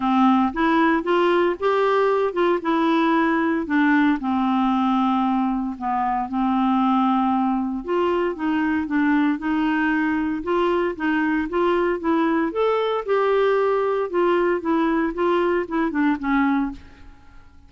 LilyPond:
\new Staff \with { instrumentName = "clarinet" } { \time 4/4 \tempo 4 = 115 c'4 e'4 f'4 g'4~ | g'8 f'8 e'2 d'4 | c'2. b4 | c'2. f'4 |
dis'4 d'4 dis'2 | f'4 dis'4 f'4 e'4 | a'4 g'2 f'4 | e'4 f'4 e'8 d'8 cis'4 | }